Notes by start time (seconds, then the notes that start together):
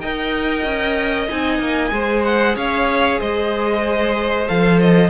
0.00 D#4 A#4 D#5 G5
0.64 C#4
1.28 C4 D#4 G#5
1.59 A#3
1.88 G#3 G#4 C5
2.24 F#5
2.55 C#4 C#5 F5
3.19 G#3 C5 D#5
4.48 F3 A4 F5
4.80 D#5